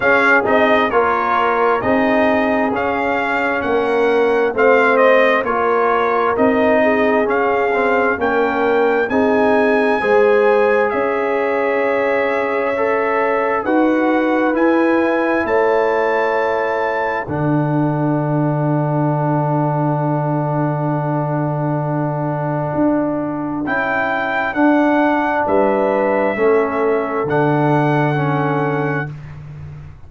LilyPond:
<<
  \new Staff \with { instrumentName = "trumpet" } { \time 4/4 \tempo 4 = 66 f''8 dis''8 cis''4 dis''4 f''4 | fis''4 f''8 dis''8 cis''4 dis''4 | f''4 g''4 gis''2 | e''2. fis''4 |
gis''4 a''2 fis''4~ | fis''1~ | fis''2 g''4 fis''4 | e''2 fis''2 | }
  \new Staff \with { instrumentName = "horn" } { \time 4/4 gis'4 ais'4 gis'2 | ais'4 c''4 ais'4. gis'8~ | gis'4 ais'4 gis'4 c''4 | cis''2. b'4~ |
b'4 cis''2 a'4~ | a'1~ | a'1 | b'4 a'2. | }
  \new Staff \with { instrumentName = "trombone" } { \time 4/4 cis'8 dis'8 f'4 dis'4 cis'4~ | cis'4 c'4 f'4 dis'4 | cis'8 c'8 cis'4 dis'4 gis'4~ | gis'2 a'4 fis'4 |
e'2. d'4~ | d'1~ | d'2 e'4 d'4~ | d'4 cis'4 d'4 cis'4 | }
  \new Staff \with { instrumentName = "tuba" } { \time 4/4 cis'8 c'8 ais4 c'4 cis'4 | ais4 a4 ais4 c'4 | cis'4 ais4 c'4 gis4 | cis'2. dis'4 |
e'4 a2 d4~ | d1~ | d4 d'4 cis'4 d'4 | g4 a4 d2 | }
>>